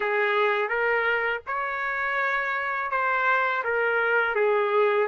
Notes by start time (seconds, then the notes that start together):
0.00 G#4
0.68 A#4
1.46 C#5
2.90 C5
3.63 A#4
4.35 G#4